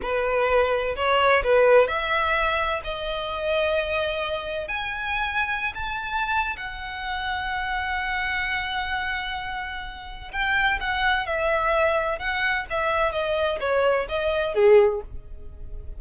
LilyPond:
\new Staff \with { instrumentName = "violin" } { \time 4/4 \tempo 4 = 128 b'2 cis''4 b'4 | e''2 dis''2~ | dis''2 gis''2~ | gis''16 a''4.~ a''16 fis''2~ |
fis''1~ | fis''2 g''4 fis''4 | e''2 fis''4 e''4 | dis''4 cis''4 dis''4 gis'4 | }